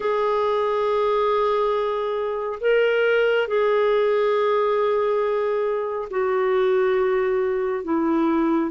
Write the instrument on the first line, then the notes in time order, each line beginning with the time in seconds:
clarinet
0.00 G#4
2.60 A#4
3.47 G#4
6.10 F#4
7.83 E4